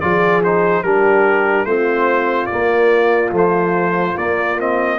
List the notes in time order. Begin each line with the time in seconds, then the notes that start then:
0.00 F3 F4 G#4 D5
0.44 D#4 C5
0.83 G3 D4 G4 A#4
1.65 A3 C4 F4 C5
2.46 A#3 D5
2.53 A#3
3.31 F3 A3 C5
4.18 A#3 D5
4.58 C4 D#5